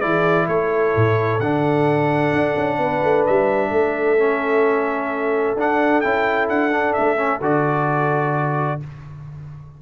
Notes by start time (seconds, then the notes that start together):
0.00 E3 E4 G#4 D5
0.48 A3 A4 C#5
0.96 A2
1.40 D3 D4 F#5
2.33 D4
2.57 C#4
2.78 B3 B4
3.03 A3
3.27 G3 E5
3.71 A3 A4
4.18 C#4
5.56 D4 F#5
6.01 C#4 E4 G5
6.49 D4 F#5
6.71 D4
6.93 A3 E5
7.17 C#4
7.41 D3 F#4 D5